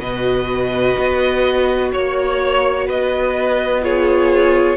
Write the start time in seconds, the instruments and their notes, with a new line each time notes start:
0.00 cello B2, viola F#4, violin B4 D#5
0.99 cello B3
1.92 cello A#3, violin C#5
2.87 cello B3, violin B4 D#5
3.83 viola F4, violin G#4 C#5